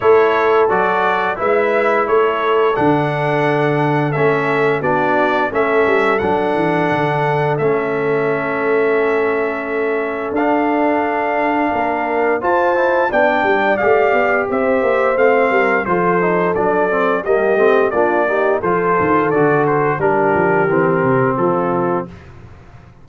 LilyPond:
<<
  \new Staff \with { instrumentName = "trumpet" } { \time 4/4 \tempo 4 = 87 cis''4 d''4 e''4 cis''4 | fis''2 e''4 d''4 | e''4 fis''2 e''4~ | e''2. f''4~ |
f''2 a''4 g''4 | f''4 e''4 f''4 c''4 | d''4 dis''4 d''4 c''4 | d''8 c''8 ais'2 a'4 | }
  \new Staff \with { instrumentName = "horn" } { \time 4/4 a'2 b'4 a'4~ | a'2. fis'4 | a'1~ | a'1~ |
a'4 ais'4 c''4 d''4~ | d''4 c''4. ais'8 a'4~ | a'4 g'4 f'8 g'8 a'4~ | a'4 g'2 f'4 | }
  \new Staff \with { instrumentName = "trombone" } { \time 4/4 e'4 fis'4 e'2 | d'2 cis'4 d'4 | cis'4 d'2 cis'4~ | cis'2. d'4~ |
d'2 f'8 e'8 d'4 | g'2 c'4 f'8 dis'8 | d'8 c'8 ais8 c'8 d'8 dis'8 f'4 | fis'4 d'4 c'2 | }
  \new Staff \with { instrumentName = "tuba" } { \time 4/4 a4 fis4 gis4 a4 | d2 a4 b4 | a8 g8 fis8 e8 d4 a4~ | a2. d'4~ |
d'4 ais4 f'4 b8 g8 | a8 b8 c'8 ais8 a8 g8 f4 | fis4 g8 a8 ais4 f8 dis8 | d4 g8 f8 e8 c8 f4 | }
>>